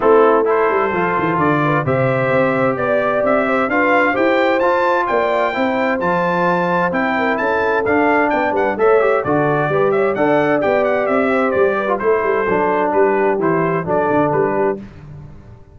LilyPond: <<
  \new Staff \with { instrumentName = "trumpet" } { \time 4/4 \tempo 4 = 130 a'4 c''2 d''4 | e''2 d''4 e''4 | f''4 g''4 a''4 g''4~ | g''4 a''2 g''4 |
a''4 f''4 g''8 fis''8 e''4 | d''4. e''8 fis''4 g''8 fis''8 | e''4 d''4 c''2 | b'4 c''4 d''4 b'4 | }
  \new Staff \with { instrumentName = "horn" } { \time 4/4 e'4 a'2~ a'8 b'8 | c''2 d''4. c''8 | b'4 c''2 d''4 | c''2.~ c''8 ais'8 |
a'2 d''8 b'8 cis''4 | a'4 b'8 cis''8 d''2~ | d''8 c''4 b'8 a'2 | g'2 a'4. g'8 | }
  \new Staff \with { instrumentName = "trombone" } { \time 4/4 c'4 e'4 f'2 | g'1 | f'4 g'4 f'2 | e'4 f'2 e'4~ |
e'4 d'2 a'8 g'8 | fis'4 g'4 a'4 g'4~ | g'4.~ g'16 f'16 e'4 d'4~ | d'4 e'4 d'2 | }
  \new Staff \with { instrumentName = "tuba" } { \time 4/4 a4. g8 f8 e8 d4 | c4 c'4 b4 c'4 | d'4 e'4 f'4 ais4 | c'4 f2 c'4 |
cis'4 d'4 b8 g8 a4 | d4 g4 d'4 b4 | c'4 g4 a8 g8 fis4 | g4 e4 fis8 d8 g4 | }
>>